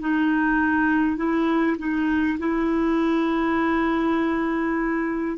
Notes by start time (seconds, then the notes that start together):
0.00 D#4
1.17 E4
1.78 D#4
2.38 E4